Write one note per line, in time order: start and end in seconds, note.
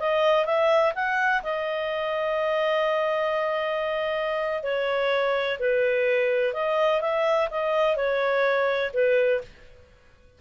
0.00 0.46 D#5
0.46 0.93 E5
0.95 1.43 F#5
1.43 4.63 D#5
4.63 5.58 C#5
5.60 6.54 B4
6.54 7.01 D#5
7.01 7.49 E5
7.51 7.97 D#5
7.97 8.92 C#5
8.94 9.41 B4